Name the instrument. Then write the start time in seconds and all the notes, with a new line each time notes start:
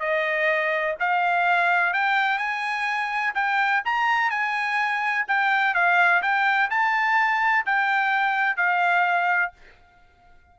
trumpet
0.00 D#5
1.00 F5
1.93 G5
2.38 G#5
3.35 G5
3.85 A#5
4.30 G#5
5.28 G5
5.74 F5
6.22 G5
6.70 A5
7.66 G5
8.57 F5